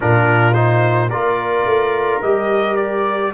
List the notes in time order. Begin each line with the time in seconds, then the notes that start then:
0.00 A#2 D4 F4 A#4
0.53 D#4 C5
1.09 A#3 F4 A#4 D5
1.65 A3
2.22 G3 G4 D#5
2.76 D5